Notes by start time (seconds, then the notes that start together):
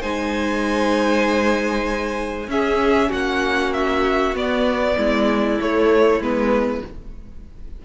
0.00 G#3 D#4 C5 G#5
2.47 C#4 G#4 E5
3.09 A#3 F#4 F#5
3.73 E5
4.34 B3 D5
4.96 G#3 E4
5.60 A3 C#5
6.19 G#3 B3 B4